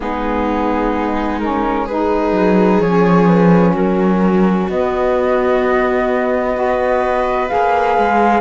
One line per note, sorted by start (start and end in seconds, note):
0.00 2.32 G#3
0.00 1.40 B3
0.00 1.85 D#4
0.00 1.39 G#4
1.39 1.88 C#4
1.39 1.86 A#4
1.85 2.83 D#4
1.85 3.72 G#4
1.85 2.80 B4
2.32 2.79 F#3
2.80 3.74 F3
2.80 4.70 C#4
2.80 3.27 C#5
3.27 3.74 B4
3.73 4.68 F#3
3.73 6.54 F#4
3.73 4.69 A#4
4.69 7.50 B3
4.69 6.53 B3
4.69 7.48 D#5
6.53 7.47 F#4
6.53 8.40 B4
7.48 7.97 A#3
7.48 8.40 G#4
7.48 8.40 F5
7.97 8.40 G#3